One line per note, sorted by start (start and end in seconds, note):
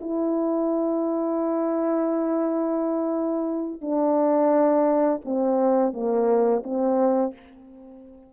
0.00 3.81 E4
3.81 5.21 D4
5.25 5.93 C4
5.93 6.62 A#3
6.63 7.33 C4